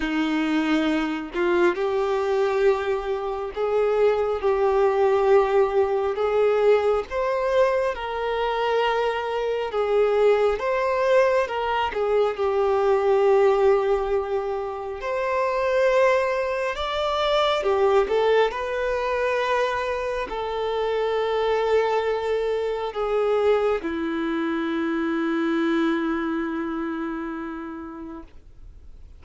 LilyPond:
\new Staff \with { instrumentName = "violin" } { \time 4/4 \tempo 4 = 68 dis'4. f'8 g'2 | gis'4 g'2 gis'4 | c''4 ais'2 gis'4 | c''4 ais'8 gis'8 g'2~ |
g'4 c''2 d''4 | g'8 a'8 b'2 a'4~ | a'2 gis'4 e'4~ | e'1 | }